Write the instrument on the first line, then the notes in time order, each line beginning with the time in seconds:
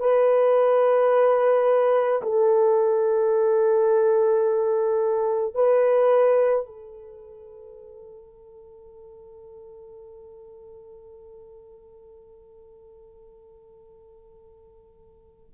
horn
0.00 B4
2.22 A4
5.55 B4
6.66 A4